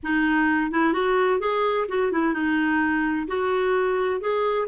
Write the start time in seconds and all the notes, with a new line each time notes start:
0.03 D#4
0.71 E4
0.93 F#4
1.39 G#4
1.88 F#4
2.11 E4
2.33 D#4
3.27 F#4
4.20 G#4